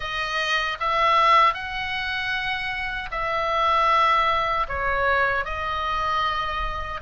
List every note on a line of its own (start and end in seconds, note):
0.00 0.78 D#5
0.80 1.53 E5
1.53 3.09 F#5
3.11 4.66 E5
4.68 5.44 C#5
5.44 7.00 D#5